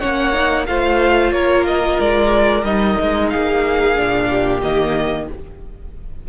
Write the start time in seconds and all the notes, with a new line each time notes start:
0.00 A#3 C#4 C#5 F#5
0.34 D#4
0.67 A3 F4 C5 F5
1.32 A#3 A#4 C#5
1.67 D#5
2.00 G#3 D5
2.64 G3 D#4 D#5
3.02 G#3
3.30 A#3 G#4 F5
3.96 A#2 D4
4.29 G4
4.63 D#3 A#3 D#5